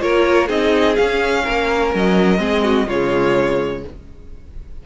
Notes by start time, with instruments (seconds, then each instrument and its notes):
0.00 cello A#3, viola F4, violin A#4 C#5
0.47 cello C4, viola D#4, violin G#4 D#5
0.96 viola C#4, cello C#4, violin F5
1.44 cello A#3, violin A#4
1.94 cello F#3, violin D#5
2.37 cello G#3, viola C4, violin G#4
2.63 violin F#4
2.87 cello C#3, viola G#3, violin F4 C#5